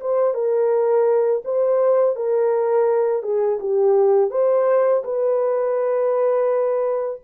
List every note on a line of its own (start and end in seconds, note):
0.00 0.34 C5
0.34 1.43 A#4
1.44 2.16 C5
2.16 3.22 A#4
3.22 3.58 G#4
3.60 4.30 G4
4.30 5.03 C5
5.04 7.21 B4